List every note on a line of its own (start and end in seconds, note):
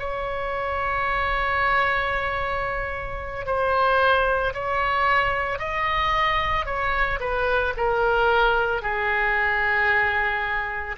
0.00 3.46 C#5
3.46 4.53 C5
4.54 5.60 C#5
5.60 6.66 D#5
6.66 7.20 C#5
7.21 7.74 B4
7.77 8.82 A#4
8.82 10.97 G#4